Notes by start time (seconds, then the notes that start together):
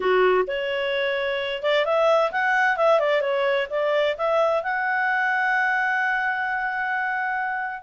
0.00 F#4
0.47 C#5
1.62 D5
1.85 E5
2.31 F#5
2.76 E5
2.99 D5
3.21 C#5
3.70 D5
4.17 E5
4.63 F#5